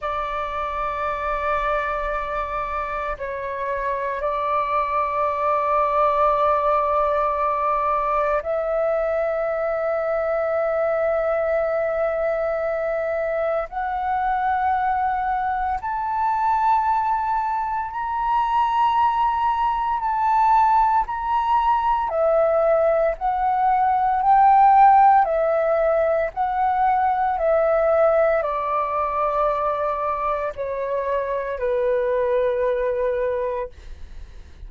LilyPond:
\new Staff \with { instrumentName = "flute" } { \time 4/4 \tempo 4 = 57 d''2. cis''4 | d''1 | e''1~ | e''4 fis''2 a''4~ |
a''4 ais''2 a''4 | ais''4 e''4 fis''4 g''4 | e''4 fis''4 e''4 d''4~ | d''4 cis''4 b'2 | }